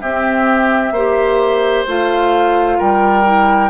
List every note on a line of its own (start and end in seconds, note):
0.00 0.91 C4
0.00 0.95 C4
0.00 0.92 G4
0.00 1.85 E5
0.91 1.84 A#3
0.91 1.87 G4
0.91 2.77 C5
1.87 2.79 A3
1.87 3.24 F4
1.87 2.79 F5
2.78 3.70 G3
2.78 3.70 A#4
2.78 3.70 G5
3.24 3.70 E4